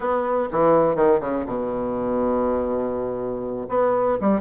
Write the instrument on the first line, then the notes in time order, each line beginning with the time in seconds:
bassoon
0.00 B3
0.51 E3
0.95 D#3
1.20 C#3
1.46 B2
3.68 B3
4.20 G3